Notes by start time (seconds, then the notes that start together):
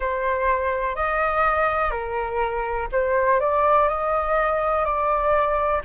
0.00 C5
0.95 D#5
1.90 A#4
2.92 C5
3.40 D5
3.88 D#5
4.84 D5